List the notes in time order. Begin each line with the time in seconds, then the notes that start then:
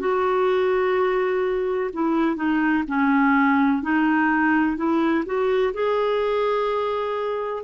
0.00 F#4
1.94 E4
2.36 D#4
2.88 C#4
3.83 D#4
4.77 E4
5.26 F#4
5.74 G#4